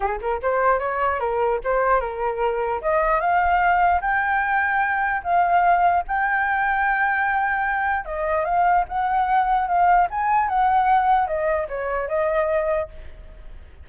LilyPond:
\new Staff \with { instrumentName = "flute" } { \time 4/4 \tempo 4 = 149 gis'8 ais'8 c''4 cis''4 ais'4 | c''4 ais'2 dis''4 | f''2 g''2~ | g''4 f''2 g''4~ |
g''1 | dis''4 f''4 fis''2 | f''4 gis''4 fis''2 | dis''4 cis''4 dis''2 | }